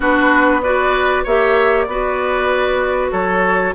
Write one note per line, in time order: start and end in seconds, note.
0.00 1.25 B3
0.00 0.62 D4
0.00 0.61 F#4
0.00 0.62 B4
0.62 1.26 F#4
0.62 1.23 B4
0.62 1.24 D5
1.23 1.86 A#3
1.23 1.88 G4
1.23 1.86 C#5
1.23 1.83 E5
1.83 3.11 B3
1.83 3.08 D5
1.89 3.74 F#4
1.89 3.11 B4
3.11 3.74 F#3
3.11 3.74 A4
3.11 3.74 C#5